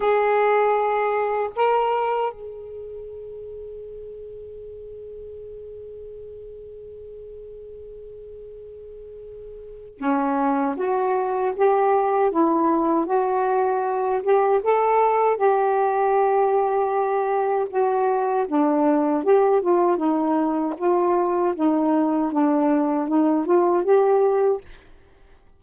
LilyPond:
\new Staff \with { instrumentName = "saxophone" } { \time 4/4 \tempo 4 = 78 gis'2 ais'4 gis'4~ | gis'1~ | gis'1~ | gis'4 cis'4 fis'4 g'4 |
e'4 fis'4. g'8 a'4 | g'2. fis'4 | d'4 g'8 f'8 dis'4 f'4 | dis'4 d'4 dis'8 f'8 g'4 | }